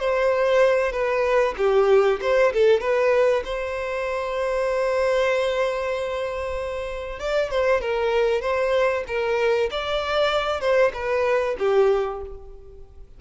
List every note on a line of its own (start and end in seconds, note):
0.00 0.92 C5
0.92 1.55 B4
1.58 2.20 G4
2.21 2.53 C5
2.53 2.81 A4
2.81 3.43 B4
3.45 7.20 C5
7.20 7.51 D5
7.51 7.81 C5
7.81 8.41 A#4
8.41 9.04 C5
9.08 9.70 A#4
9.71 10.61 D5
10.61 10.92 C5
10.94 11.57 B4
11.59 12.21 G4